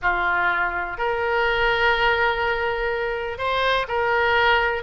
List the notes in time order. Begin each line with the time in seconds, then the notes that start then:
0.02 F4
0.97 A#4
3.38 C5
3.88 A#4